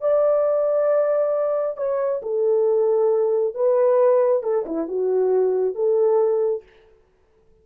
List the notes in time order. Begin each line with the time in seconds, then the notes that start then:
0.00 D5
1.77 C#5
2.22 A4
3.54 B4
4.42 A4
4.65 E4
4.87 F#4
5.75 A4